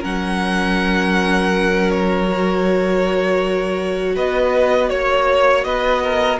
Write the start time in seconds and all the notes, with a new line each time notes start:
0.00 F#3 C#4 A#4 F#5
1.91 C#5
2.29 F#4
4.15 B3 B4 D#5
4.90 A#3 C#5
5.64 B3 B4 D#5
6.03 A#4